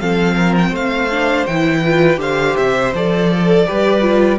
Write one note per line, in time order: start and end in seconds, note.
0.00 0.71 F3
0.00 1.10 C4
0.00 0.35 A4
0.00 0.55 F5
0.35 0.69 A#4
0.57 0.75 G5
0.69 1.45 A3
0.69 1.79 C5
0.69 1.46 F5
1.11 1.47 D4
1.46 2.18 E3
1.46 1.84 E4
1.46 2.19 G5
1.84 2.17 F4
1.84 2.20 B4
2.17 2.54 D3
2.17 2.90 G4
2.17 3.30 C5
2.17 2.56 F5
2.56 2.93 C3
2.56 2.93 E5
2.93 3.66 F3
2.93 3.66 A4
2.93 4.38 D5
3.31 3.68 A4
3.66 4.38 G3
3.66 4.01 G4
3.66 4.38 B4
4.01 4.37 F4